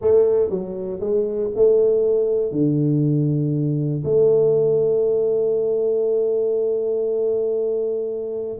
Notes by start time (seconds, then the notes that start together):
0.01 A3
0.49 F#3
0.99 G#3
1.55 A3
2.51 D3
4.04 A3